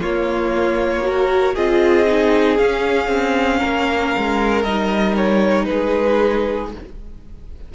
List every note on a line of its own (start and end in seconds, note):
0.00 1.02 A#3
0.00 1.57 A#3
0.00 1.03 F4
0.00 1.55 C#5
1.02 1.53 F#4
1.02 1.54 A#4
1.54 2.59 C4
1.54 2.06 F4
1.54 3.59 G#4
1.54 2.57 D#5
2.06 2.58 D#4
2.57 4.65 C#4
2.57 3.08 C#4
2.57 4.63 F5
3.08 3.59 C4
3.59 4.15 A#3
3.59 5.66 A#4
4.17 4.64 G#3
4.63 5.67 G3
4.63 6.74 D#4
4.63 5.14 D#5
5.16 5.65 C#5
5.65 6.74 G#3
5.65 6.73 G#4
5.65 6.68 B4